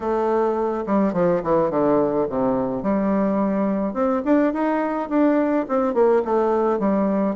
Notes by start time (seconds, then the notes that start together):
0.00 A3
0.86 G3
1.13 F3
1.43 E3
1.70 D3
2.29 C3
2.83 G3
3.93 C4
4.25 D4
4.53 D#4
5.09 D4
5.68 C4
5.94 A#3
6.24 A3
6.79 G3